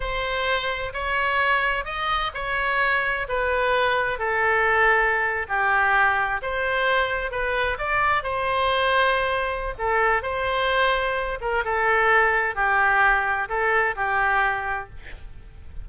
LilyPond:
\new Staff \with { instrumentName = "oboe" } { \time 4/4 \tempo 4 = 129 c''2 cis''2 | dis''4 cis''2 b'4~ | b'4 a'2~ a'8. g'16~ | g'4.~ g'16 c''2 b'16~ |
b'8. d''4 c''2~ c''16~ | c''4 a'4 c''2~ | c''8 ais'8 a'2 g'4~ | g'4 a'4 g'2 | }